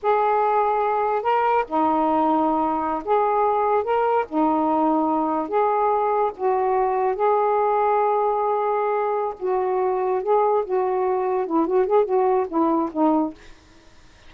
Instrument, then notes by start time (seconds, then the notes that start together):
saxophone
0.02 G#4
1.22 A#4
1.68 D#4
3.05 G#4
3.83 A#4
4.28 D#4
5.48 G#4
6.37 F#4
7.15 G#4
9.39 F#4
10.22 G#4
10.64 F#4
11.46 E4
11.67 F#4
11.86 G#4
12.05 F#4
12.48 E4
12.92 D#4